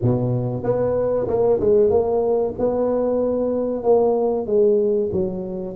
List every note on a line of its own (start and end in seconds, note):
0.01 0.63 B2
0.63 1.27 B3
1.27 1.59 A#3
1.60 1.90 G#3
1.90 2.54 A#3
2.59 3.83 B3
3.83 4.46 A#3
4.46 5.10 G#3
5.12 5.76 F#3